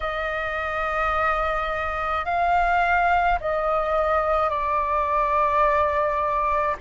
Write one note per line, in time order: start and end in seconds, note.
0.00 2.25 D#5
2.25 3.38 F5
3.40 4.49 D#5
4.49 6.76 D5